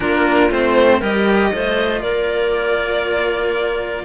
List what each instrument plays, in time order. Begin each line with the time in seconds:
0.00 cello A#3 D4, clarinet F4, violin A#4
0.50 cello A3 C4, violin C5
0.98 cello G3 G4, clarinet A#4, violin D#5
1.53 cello A3 F4, clarinet C5
2.01 cello A#3, clarinet A#4, violin D5